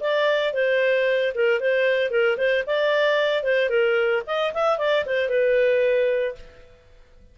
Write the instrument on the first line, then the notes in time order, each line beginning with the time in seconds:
clarinet
0.00 D5
0.53 C5
1.34 A#4
1.60 C5
2.10 A#4
2.37 C5
2.66 D5
3.43 C5
3.69 A#4
4.26 D#5
4.54 E5
4.78 D5
5.05 C5
5.29 B4